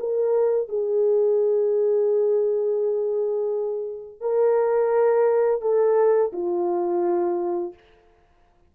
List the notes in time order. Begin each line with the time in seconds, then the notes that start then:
0.00 A#4
0.69 G#4
4.21 A#4
5.61 A4
6.33 F4